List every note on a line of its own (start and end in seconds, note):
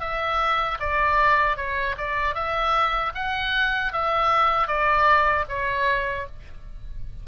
0.00 0.78 E5
0.79 1.57 D5
1.57 1.96 C#5
1.98 2.34 D5
2.34 3.12 E5
3.15 3.92 F#5
3.92 4.67 E5
4.67 5.45 D5
5.49 6.27 C#5